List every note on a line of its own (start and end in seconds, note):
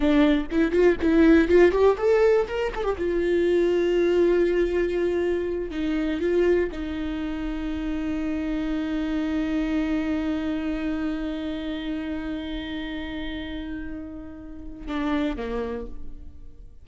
0.00 0.47 D4
0.51 0.71 E4
0.71 0.96 F4
1.01 1.48 E4
1.48 1.71 F4
1.71 1.96 G4
1.97 2.47 A4
2.47 2.72 A#4
2.75 2.83 A4
2.83 2.96 G4
2.98 5.70 F4
5.70 6.20 D#4
6.20 6.69 F4
6.71 14.87 D#4
14.87 15.36 D4
15.36 15.86 A#3